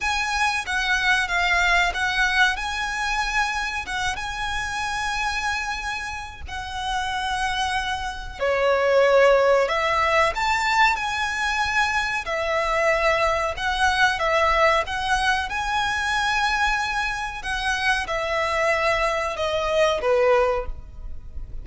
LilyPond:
\new Staff \with { instrumentName = "violin" } { \time 4/4 \tempo 4 = 93 gis''4 fis''4 f''4 fis''4 | gis''2 fis''8 gis''4.~ | gis''2 fis''2~ | fis''4 cis''2 e''4 |
a''4 gis''2 e''4~ | e''4 fis''4 e''4 fis''4 | gis''2. fis''4 | e''2 dis''4 b'4 | }